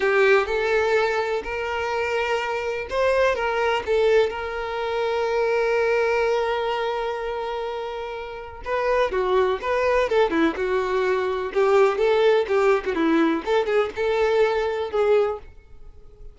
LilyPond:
\new Staff \with { instrumentName = "violin" } { \time 4/4 \tempo 4 = 125 g'4 a'2 ais'4~ | ais'2 c''4 ais'4 | a'4 ais'2.~ | ais'1~ |
ais'2 b'4 fis'4 | b'4 a'8 e'8 fis'2 | g'4 a'4 g'8. fis'16 e'4 | a'8 gis'8 a'2 gis'4 | }